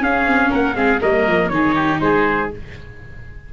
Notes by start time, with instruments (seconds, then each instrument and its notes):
0.00 viola C#4, tuba C#4, oboe G#4, trumpet F5
0.26 tuba C4
0.50 tuba A#3, oboe A#4, trumpet F#5
0.74 tuba G#3, viola C4, oboe G#4, trumpet F5
1.01 tuba G3, viola A#3, oboe A#4, trumpet D#5
1.27 tuba F3
1.49 tuba D#3, viola D#4, oboe G#4, trumpet C#5
1.75 oboe G4
2.01 tuba G#3, oboe G#4, trumpet C5